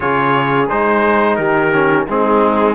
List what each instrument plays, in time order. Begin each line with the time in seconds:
0.00 cello C#3, trombone F4, horn G#4, trumpet C#5
0.69 cello G#3, trombone D#4, trumpet C5
1.36 cello D#3, horn G4, trumpet A#4
1.73 trombone C#4
2.08 cello G#3, trombone C4, horn D#4, trumpet G#4